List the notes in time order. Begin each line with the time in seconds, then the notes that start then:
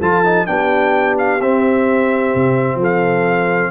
0.00 F3 F4 A4 A5
0.24 D#4
0.46 B3 D4 G4 G5
1.18 F5
1.41 C4 E5
2.34 C3
2.75 F3 A4
2.83 F5